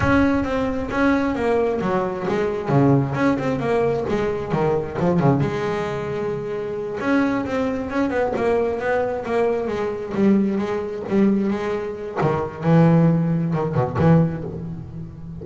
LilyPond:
\new Staff \with { instrumentName = "double bass" } { \time 4/4 \tempo 4 = 133 cis'4 c'4 cis'4 ais4 | fis4 gis4 cis4 cis'8 c'8 | ais4 gis4 dis4 f8 cis8 | gis2.~ gis8 cis'8~ |
cis'8 c'4 cis'8 b8 ais4 b8~ | b8 ais4 gis4 g4 gis8~ | gis8 g4 gis4. dis4 | e2 dis8 b,8 e4 | }